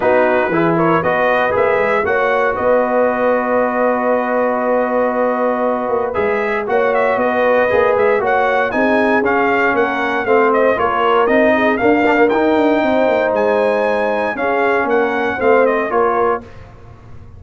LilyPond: <<
  \new Staff \with { instrumentName = "trumpet" } { \time 4/4 \tempo 4 = 117 b'4. cis''8 dis''4 e''4 | fis''4 dis''2.~ | dis''1 | e''4 fis''8 e''8 dis''4. e''8 |
fis''4 gis''4 f''4 fis''4 | f''8 dis''8 cis''4 dis''4 f''4 | g''2 gis''2 | f''4 fis''4 f''8 dis''8 cis''4 | }
  \new Staff \with { instrumentName = "horn" } { \time 4/4 fis'4 gis'8 ais'8 b'2 | cis''4 b'2.~ | b'1~ | b'4 cis''4 b'2 |
cis''4 gis'2 ais'4 | c''4 ais'4. gis'8 ais'4~ | ais'4 c''2. | gis'4 ais'4 c''4 ais'4 | }
  \new Staff \with { instrumentName = "trombone" } { \time 4/4 dis'4 e'4 fis'4 gis'4 | fis'1~ | fis'1 | gis'4 fis'2 gis'4 |
fis'4 dis'4 cis'2 | c'4 f'4 dis'4 ais8 d'16 ais16 | dis'1 | cis'2 c'4 f'4 | }
  \new Staff \with { instrumentName = "tuba" } { \time 4/4 b4 e4 b4 ais8 gis8 | ais4 b2.~ | b2.~ b8 ais8 | gis4 ais4 b4 ais8 gis8 |
ais4 c'4 cis'4 ais4 | a4 ais4 c'4 d'4 | dis'8 d'8 c'8 ais8 gis2 | cis'4 ais4 a4 ais4 | }
>>